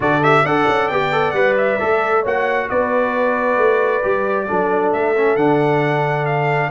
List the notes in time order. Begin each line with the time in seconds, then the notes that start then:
0.00 D3 F#4 A4 D5
0.23 G4 E5
0.43 D4 A4 D5 F#5
0.68 C#4
0.88 B3 G4 G5
1.11 A4
1.31 G3 B4 F#5
1.57 E5
1.79 A3 A4
2.21 A#3 F#4 C#5 F#5
2.69 B3 B4 D5
3.57 A3
4.02 G3 G4
4.47 F#3 D4 A4
4.92 A3 E5
5.15 C#4
5.36 D3 D4 F#5
6.25 F5